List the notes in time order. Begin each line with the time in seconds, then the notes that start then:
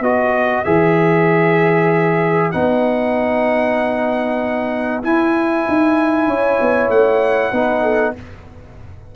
0.00 B3 F#4 B4 D#5
0.64 E3 G#4 E5
2.51 B3 D#4 F#5
5.02 E4 G#5
5.68 D#4
6.27 C#4 C#5
6.60 B3
6.88 A3 F#5
7.51 B3 D#4 B4
7.82 A4